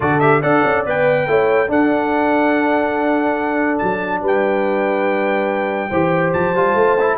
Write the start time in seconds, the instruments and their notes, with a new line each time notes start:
0.00 tuba D3, trombone F#4, horn A4, trumpet D5
0.20 trombone G4, trumpet E5
0.40 tuba D4, trombone A4, horn D5, trumpet F#5
0.64 tuba C#4
0.86 tuba B3, trombone B4, trumpet G5
1.27 tuba A3, trombone E4, horn C#5
1.67 trombone D4, tuba D4, horn A4, trumpet F#5
3.78 tuba F#3, trumpet A5
4.21 tuba G3, horn B4, trumpet G5
5.89 tuba E3, trombone G4, horn C5
6.33 tuba F3, trumpet A5
6.53 tuba G3, trombone F4
6.74 tuba A3
6.99 trombone E4